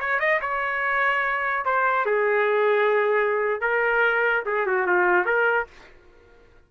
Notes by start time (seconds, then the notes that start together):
0.00 C#5
0.20 D#5
0.41 C#5
1.65 C5
2.06 G#4
3.61 A#4
4.46 G#4
4.67 F#4
4.87 F4
5.26 A#4